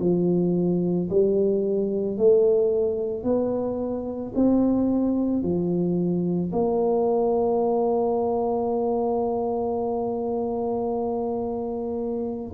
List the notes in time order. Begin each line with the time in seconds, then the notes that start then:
0.00 F3
1.10 G3
2.18 A3
3.23 B3
4.35 C4
5.42 F3
6.53 A#3